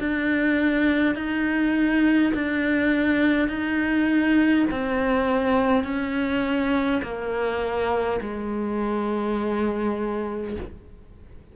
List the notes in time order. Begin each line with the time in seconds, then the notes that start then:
0.00 D4
1.15 D#4
2.34 D4
3.48 D#4
4.71 C4
5.84 C#4
7.03 A#3
8.21 G#3